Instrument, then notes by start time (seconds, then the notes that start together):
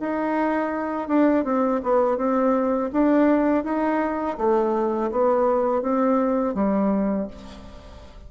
bassoon
0.00 D#4
1.08 D4
1.44 C4
1.83 B3
2.17 C4
2.92 D4
3.64 D#4
4.38 A3
5.11 B3
5.82 C4
6.54 G3